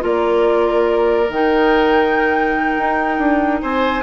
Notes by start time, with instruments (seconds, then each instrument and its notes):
0.00 bassoon A#3, clarinet F4, oboe A#4, flute D5
1.29 bassoon D#3, clarinet D#4, flute G5
2.79 bassoon D#4
3.19 bassoon D4
3.62 bassoon C4, oboe C5, flute G#5